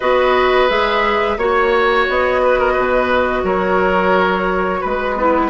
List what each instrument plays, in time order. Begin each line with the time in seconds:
0.00 bassoon B3, clarinet F#4, oboe B4, flute D#5
0.68 bassoon G#3, clarinet G#4, flute E5
1.37 bassoon A#3, clarinet F#4, flute C#5, oboe C#5
2.09 bassoon B3, flute D#5
2.42 oboe B4
2.59 oboe A#4
2.72 bassoon B2, oboe B4
3.43 bassoon F#3, oboe A#4, flute C#5
4.80 bassoon G#3, oboe B4, flute B4
5.15 oboe B3, clarinet E4